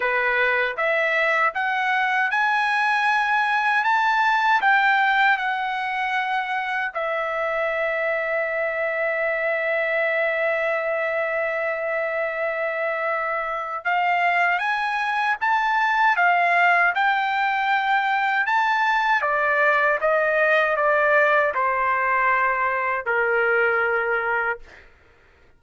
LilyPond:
\new Staff \with { instrumentName = "trumpet" } { \time 4/4 \tempo 4 = 78 b'4 e''4 fis''4 gis''4~ | gis''4 a''4 g''4 fis''4~ | fis''4 e''2.~ | e''1~ |
e''2 f''4 gis''4 | a''4 f''4 g''2 | a''4 d''4 dis''4 d''4 | c''2 ais'2 | }